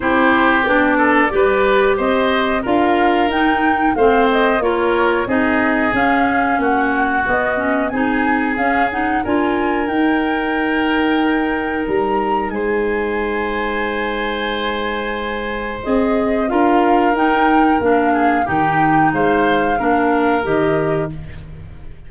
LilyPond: <<
  \new Staff \with { instrumentName = "flute" } { \time 4/4 \tempo 4 = 91 c''4 d''2 dis''4 | f''4 g''4 f''8 dis''8 cis''4 | dis''4 f''4 fis''4 dis''4 | gis''4 f''8 fis''8 gis''4 g''4~ |
g''2 ais''4 gis''4~ | gis''1 | dis''4 f''4 g''4 f''4 | g''4 f''2 dis''4 | }
  \new Staff \with { instrumentName = "oboe" } { \time 4/4 g'4. a'8 b'4 c''4 | ais'2 c''4 ais'4 | gis'2 fis'2 | gis'2 ais'2~ |
ais'2. c''4~ | c''1~ | c''4 ais'2~ ais'8 gis'8 | g'4 c''4 ais'2 | }
  \new Staff \with { instrumentName = "clarinet" } { \time 4/4 e'4 d'4 g'2 | f'4 dis'4 c'4 f'4 | dis'4 cis'2 b8 cis'8 | dis'4 cis'8 dis'8 f'4 dis'4~ |
dis'1~ | dis'1 | gis'4 f'4 dis'4 d'4 | dis'2 d'4 g'4 | }
  \new Staff \with { instrumentName = "tuba" } { \time 4/4 c'4 b4 g4 c'4 | d'4 dis'4 a4 ais4 | c'4 cis'4 ais4 b4 | c'4 cis'4 d'4 dis'4~ |
dis'2 g4 gis4~ | gis1 | c'4 d'4 dis'4 ais4 | dis4 gis4 ais4 dis4 | }
>>